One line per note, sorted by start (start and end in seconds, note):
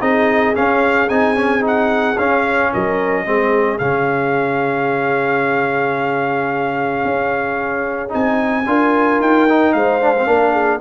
0.00 0.55 C4
0.00 0.54 D#4
0.00 2.70 G#4
0.00 0.55 D#5
0.54 1.08 C#4
0.54 1.09 C#4
0.54 1.09 F5
1.09 2.17 C4
1.09 1.36 D#4
1.09 1.63 G#5
1.36 1.61 C#4
1.61 2.15 D#4
1.61 2.18 F#5
2.18 2.72 C#4
2.18 3.25 C#4
2.18 2.72 F5
2.73 3.25 F#3
2.73 3.25 A#4
2.73 3.78 D#5
3.25 3.79 G#3
3.25 3.79 C4
3.25 8.65 G#4
3.78 7.04 C#3
3.78 8.09 C#4
3.78 8.10 F5
7.05 8.13 C#4
8.09 8.66 C4
8.09 8.63 D#4
8.09 9.21 G#5
8.66 9.20 D4
8.66 9.48 F4
8.66 9.76 A#4
9.20 9.74 D#4
9.20 9.72 G5
9.49 10.01 D#4
9.72 10.27 G#3
9.72 10.26 C5
9.72 10.80 F5
10.01 10.15 D4
10.18 10.26 C4
10.26 10.80 A#3
10.26 10.80 D4
10.26 10.52 A#4
10.52 10.79 G#4